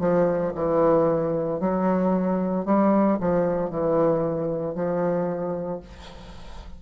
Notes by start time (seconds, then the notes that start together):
0.00 F3
0.56 E3
1.60 F#3
2.66 G3
3.21 F3
3.71 E3
4.76 F3